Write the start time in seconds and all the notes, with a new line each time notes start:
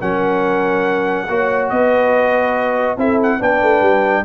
0.00 F#3 C#4 A#4 F#5
1.29 A#3 F#4 C#5
1.69 B3 B4 D#5
2.97 C4 E4 A4 E5
3.23 F#5
3.38 B3 D4 B4 G5
3.62 A3
3.81 G3